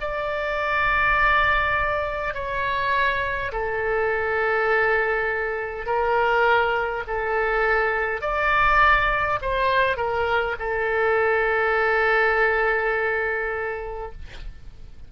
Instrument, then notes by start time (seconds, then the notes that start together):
oboe
0.00 D5
2.34 C#5
3.52 A4
5.86 A#4
7.07 A4
8.21 D5
9.41 C5
9.96 A#4
10.59 A4